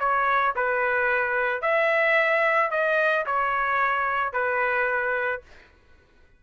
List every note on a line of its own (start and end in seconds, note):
0.00 0.55 C#5
0.56 1.62 B4
1.62 2.71 E5
2.71 3.26 D#5
3.26 4.33 C#5
4.33 5.42 B4